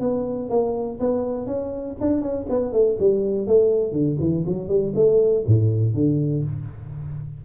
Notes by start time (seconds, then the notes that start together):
0.00 B3
0.49 A#3
1.00 B3
1.47 C#4
2.01 D4
2.21 C#4
2.49 B3
2.73 A3
2.99 G3
3.47 A3
3.92 D3
4.20 E3
4.47 F#3
4.68 G3
4.95 A3
5.46 A2
5.94 D3